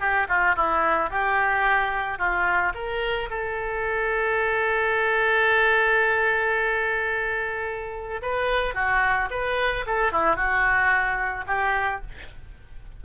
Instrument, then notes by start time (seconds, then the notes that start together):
oboe
0.00 G4
0.29 F4
0.56 E4
1.10 G4
2.19 F4
2.75 A#4
3.30 A4
8.22 B4
8.75 F#4
9.31 B4
9.87 A4
10.12 E4
10.36 F#4
11.47 G4